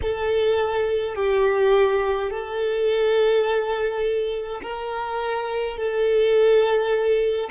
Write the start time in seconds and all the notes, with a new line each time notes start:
0.01 A4
1.15 G4
2.30 A4
4.62 A#4
5.77 A4